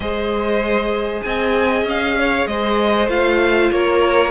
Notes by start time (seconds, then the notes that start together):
0.00 G#3 G#4 C5 D#5
1.22 C4 D#5 G#5
1.84 C#4 F5
2.18 C#5
2.46 G#3 C5 D#5
3.07 A3 F4 F5
3.71 A#3 A#4 C#5